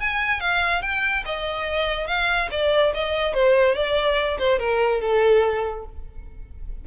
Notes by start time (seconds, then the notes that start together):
0.00 G#5
0.40 F5
0.81 G5
1.25 D#5
2.07 F5
2.51 D5
2.94 D#5
3.34 C5
3.75 D5
4.38 C5
4.59 A#4
5.01 A4